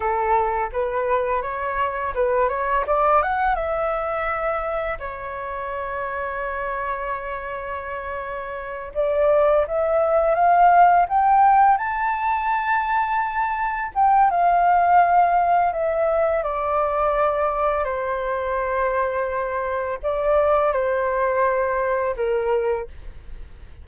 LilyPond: \new Staff \with { instrumentName = "flute" } { \time 4/4 \tempo 4 = 84 a'4 b'4 cis''4 b'8 cis''8 | d''8 fis''8 e''2 cis''4~ | cis''1~ | cis''8 d''4 e''4 f''4 g''8~ |
g''8 a''2. g''8 | f''2 e''4 d''4~ | d''4 c''2. | d''4 c''2 ais'4 | }